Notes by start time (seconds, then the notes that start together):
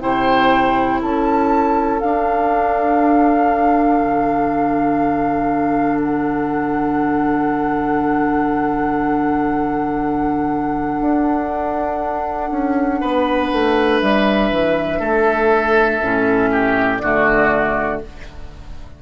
0.00 C3 E4 C5 G5
1.01 C#4 A4 A5
2.00 D4 F5
3.99 D3
6.02 F#5
11.01 D4
12.51 C#4
13.01 B3 B4
13.53 A3
14.00 G3 E5
14.51 E3
15.00 A3 A4
16.01 A2 C#4
16.52 G4
16.98 D3 A3 F#4 D5